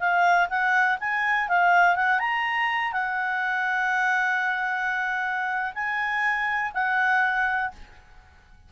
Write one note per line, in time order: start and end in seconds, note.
0.00 0.49 F5
0.50 0.99 F#5
1.00 1.49 G#5
1.49 1.96 F5
1.96 2.20 F#5
2.20 2.93 A#5
2.93 5.74 F#5
5.75 6.73 G#5
6.74 7.72 F#5